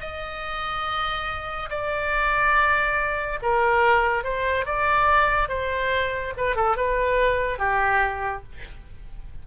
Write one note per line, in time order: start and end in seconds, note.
0.00 1.69 D#5
1.70 3.39 D5
3.42 4.23 A#4
4.23 4.65 C5
4.65 5.49 D5
5.49 6.33 C5
6.36 6.55 B4
6.55 6.76 A4
6.76 7.58 B4
7.58 8.43 G4